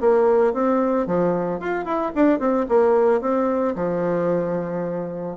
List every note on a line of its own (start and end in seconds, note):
0.00 0.53 A#3
0.53 1.07 C4
1.07 1.60 F3
1.60 1.85 F4
1.85 2.12 E4
2.15 2.39 D4
2.39 2.66 C4
2.69 3.21 A#3
3.21 3.75 C4
3.75 5.37 F3